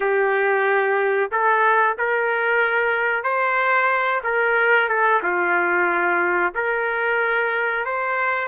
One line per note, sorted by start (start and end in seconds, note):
0.00 1.30 G4
1.31 1.97 A4
1.97 3.23 A#4
3.23 4.21 C5
4.23 4.88 A#4
4.88 5.21 A4
5.23 6.53 F4
6.54 7.85 A#4
7.85 8.48 C5